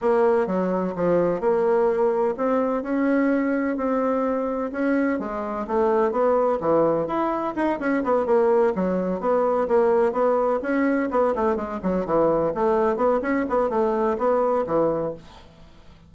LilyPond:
\new Staff \with { instrumentName = "bassoon" } { \time 4/4 \tempo 4 = 127 ais4 fis4 f4 ais4~ | ais4 c'4 cis'2 | c'2 cis'4 gis4 | a4 b4 e4 e'4 |
dis'8 cis'8 b8 ais4 fis4 b8~ | b8 ais4 b4 cis'4 b8 | a8 gis8 fis8 e4 a4 b8 | cis'8 b8 a4 b4 e4 | }